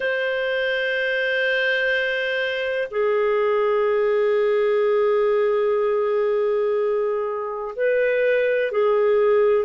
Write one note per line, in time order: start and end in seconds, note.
0.00 2.88 C5
2.90 7.74 G#4
7.75 8.71 B4
8.71 9.65 G#4